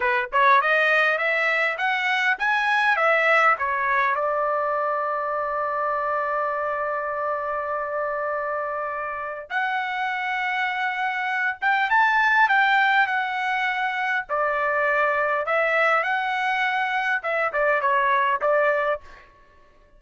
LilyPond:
\new Staff \with { instrumentName = "trumpet" } { \time 4/4 \tempo 4 = 101 b'8 cis''8 dis''4 e''4 fis''4 | gis''4 e''4 cis''4 d''4~ | d''1~ | d''1 |
fis''2.~ fis''8 g''8 | a''4 g''4 fis''2 | d''2 e''4 fis''4~ | fis''4 e''8 d''8 cis''4 d''4 | }